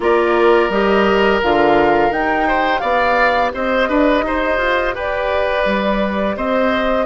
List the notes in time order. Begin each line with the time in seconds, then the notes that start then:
0.00 A#3 F4 A#4 D5
0.69 G3 G4 D#5
1.42 D3 F4 F5
2.10 D#4 G4 G5
2.47 C5
2.79 B3 D5 F5
3.54 C4 C5 D#5
3.88 D4 B4
4.23 D#4 C5
4.57 F4
4.94 G4 B4 D5
5.65 G3
6.36 C4 C5 D#5